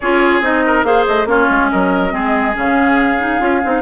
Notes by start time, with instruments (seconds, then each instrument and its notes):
0.00 bassoon C#4, clarinet F4, oboe G#4, flute C#5
0.40 bassoon C4, clarinet D#4, flute D#5
0.65 oboe A#4
0.83 bassoon A#3, clarinet G#4, oboe C5, flute F5
1.06 bassoon A3, flute D#5
1.25 bassoon A#3, clarinet C#4, oboe F4, flute C#5
1.50 bassoon G#3
1.71 bassoon F#3, oboe A#4, flute D#5
2.10 bassoon G#3, clarinet C4, oboe G#4
2.54 bassoon C#3, clarinet C#4, flute F5
3.19 clarinet D#4
3.40 bassoon C#4, clarinet F4
3.64 bassoon C4, clarinet D#4